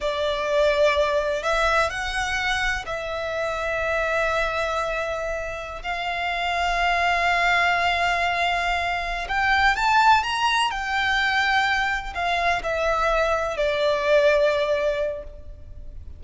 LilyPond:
\new Staff \with { instrumentName = "violin" } { \time 4/4 \tempo 4 = 126 d''2. e''4 | fis''2 e''2~ | e''1~ | e''16 f''2.~ f''8.~ |
f''2.~ f''8 g''8~ | g''8 a''4 ais''4 g''4.~ | g''4. f''4 e''4.~ | e''8 d''2.~ d''8 | }